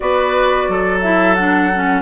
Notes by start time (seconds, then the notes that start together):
0.00 B3 F#4 B4 D5
0.68 F#3 A4
1.01 E4 E5
1.34 D4 F#5
1.74 C#4